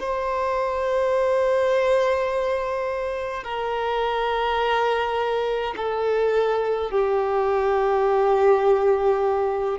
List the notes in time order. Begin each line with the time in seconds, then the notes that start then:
0.00 C5
3.44 A#4
5.77 A4
6.91 G4